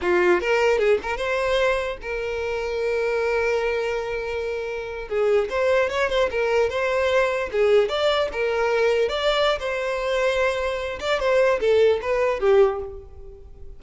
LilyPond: \new Staff \with { instrumentName = "violin" } { \time 4/4 \tempo 4 = 150 f'4 ais'4 gis'8 ais'8 c''4~ | c''4 ais'2.~ | ais'1~ | ais'8. gis'4 c''4 cis''8 c''8 ais'16~ |
ais'8. c''2 gis'4 d''16~ | d''8. ais'2 d''4~ d''16 | c''2.~ c''8 d''8 | c''4 a'4 b'4 g'4 | }